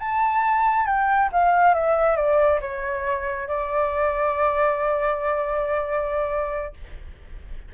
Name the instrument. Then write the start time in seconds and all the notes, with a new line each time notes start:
flute
0.00 A5
0.86 G5
1.32 F5
1.74 E5
2.16 D5
2.61 C#5
3.48 D5